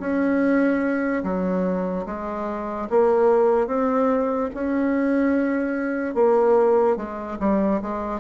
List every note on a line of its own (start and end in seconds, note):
0.00 1.23 C#4
1.24 2.06 F#3
2.06 2.88 G#3
2.90 3.68 A#3
3.68 4.50 C4
4.55 6.15 C#4
6.15 6.97 A#3
6.97 7.38 G#3
7.40 7.81 G3
7.82 8.20 G#3